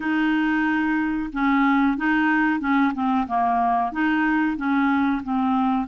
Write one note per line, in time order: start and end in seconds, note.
0.00 1.30 D#4
1.32 1.97 C#4
1.97 2.60 D#4
2.60 2.92 C#4
2.94 3.26 C4
3.27 3.92 A#3
3.92 4.57 D#4
4.57 5.22 C#4
5.23 5.87 C4